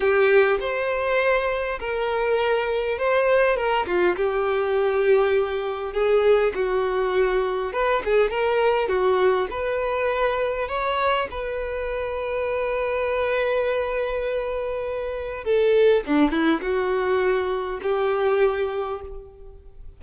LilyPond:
\new Staff \with { instrumentName = "violin" } { \time 4/4 \tempo 4 = 101 g'4 c''2 ais'4~ | ais'4 c''4 ais'8 f'8 g'4~ | g'2 gis'4 fis'4~ | fis'4 b'8 gis'8 ais'4 fis'4 |
b'2 cis''4 b'4~ | b'1~ | b'2 a'4 d'8 e'8 | fis'2 g'2 | }